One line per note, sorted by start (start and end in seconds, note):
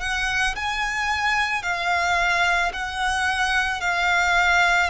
0.00 0.55 F#5
0.55 1.62 G#5
1.62 2.71 F5
2.73 3.80 F#5
3.80 4.89 F5